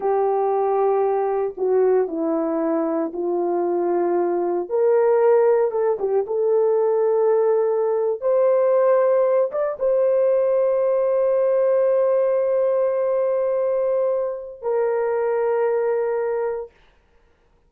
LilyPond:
\new Staff \with { instrumentName = "horn" } { \time 4/4 \tempo 4 = 115 g'2. fis'4 | e'2 f'2~ | f'4 ais'2 a'8 g'8 | a'2.~ a'8. c''16~ |
c''2~ c''16 d''8 c''4~ c''16~ | c''1~ | c''1 | ais'1 | }